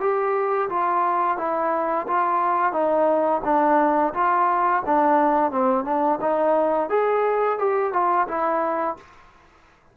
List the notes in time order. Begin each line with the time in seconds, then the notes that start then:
0.00 G4
0.69 F4
1.38 E4
2.07 F4
2.72 D#4
3.44 D4
4.13 F4
4.86 D4
5.51 C4
5.84 D4
6.21 D#4
6.89 G#4
7.58 G4
7.93 F4
8.28 E4